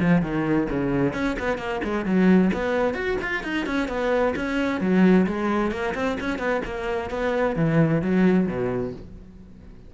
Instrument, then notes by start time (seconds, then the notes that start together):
cello
0.00 F3
0.22 D#3
0.70 C#3
1.13 C#4
1.39 B3
1.58 A#3
1.84 G#3
2.05 F#3
2.54 B3
2.94 F#4
3.21 F4
3.43 D#4
3.66 C#4
3.88 B3
4.36 C#4
4.81 F#3
5.27 G#3
5.71 A#3
5.95 C4
6.20 C#4
6.39 B3
6.65 A#3
7.10 B3
7.56 E3
8.02 F#3
8.47 B2